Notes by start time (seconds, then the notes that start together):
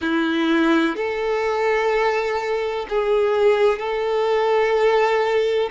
0.01 E4
0.96 A4
2.89 G#4
3.78 A4